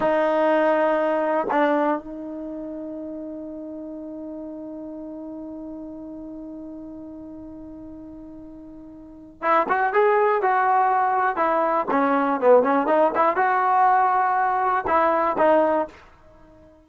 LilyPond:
\new Staff \with { instrumentName = "trombone" } { \time 4/4 \tempo 4 = 121 dis'2. d'4 | dis'1~ | dis'1~ | dis'1~ |
dis'2. e'8 fis'8 | gis'4 fis'2 e'4 | cis'4 b8 cis'8 dis'8 e'8 fis'4~ | fis'2 e'4 dis'4 | }